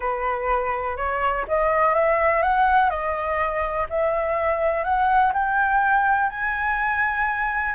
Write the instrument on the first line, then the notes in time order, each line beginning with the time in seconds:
flute
0.00 B4
0.96 C#5
1.48 D#5
1.94 E5
2.42 F#5
2.90 D#5
3.89 E5
4.83 F#5
5.33 G5
6.29 G#5